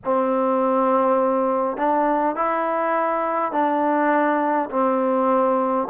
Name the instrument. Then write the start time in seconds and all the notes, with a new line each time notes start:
trombone
0.04 C4
1.77 D4
2.35 E4
3.51 D4
4.70 C4